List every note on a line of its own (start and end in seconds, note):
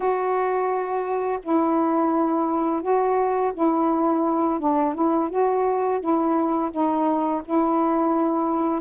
0.00 1.39 F#4
1.42 2.81 E4
2.81 3.52 F#4
3.54 4.59 E4
4.59 4.94 D4
4.94 5.29 E4
5.29 6.00 F#4
6.00 6.71 E4
6.71 7.41 D#4
7.45 8.80 E4